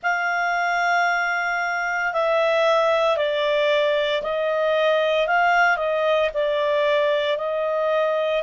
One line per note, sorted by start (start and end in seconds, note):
0.02 2.13 F5
2.13 3.16 E5
3.16 4.22 D5
4.22 5.27 D#5
5.27 5.77 F5
5.77 6.30 D#5
6.33 7.37 D5
7.37 8.42 D#5